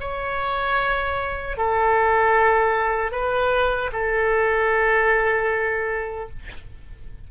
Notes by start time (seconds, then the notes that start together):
0.00 C#5
1.57 A4
3.12 B4
3.92 A4